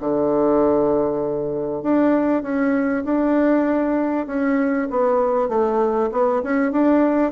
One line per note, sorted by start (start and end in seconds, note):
0.00 1.83 D3
1.83 2.43 D4
2.43 3.04 C#4
3.04 4.27 D4
4.27 4.88 C#4
4.90 5.49 B3
5.49 6.10 A3
6.12 6.42 B3
6.43 6.72 C#4
6.72 7.32 D4